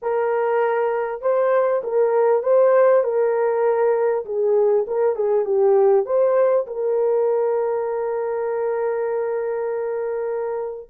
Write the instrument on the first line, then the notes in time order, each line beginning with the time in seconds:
horn
0.02 A#4
1.21 C5
1.83 A#4
2.42 C5
3.03 A#4
4.25 G#4
4.87 A#4
5.15 G#4
5.45 G4
6.05 C5
6.66 A#4